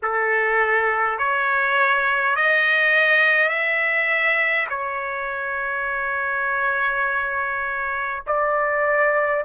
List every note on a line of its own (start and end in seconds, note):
0.02 1.18 A4
1.18 2.35 C#5
2.35 3.49 D#5
3.49 4.66 E5
4.69 8.22 C#5
8.27 9.44 D5